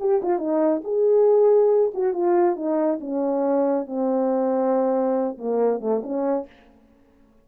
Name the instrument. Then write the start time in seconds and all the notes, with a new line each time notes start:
horn
0.00 G4
0.23 F4
0.39 D#4
0.84 G#4
1.94 F#4
2.14 F4
2.56 D#4
3.01 C#4
3.87 C4
5.38 A#3
5.81 A3
6.04 C#4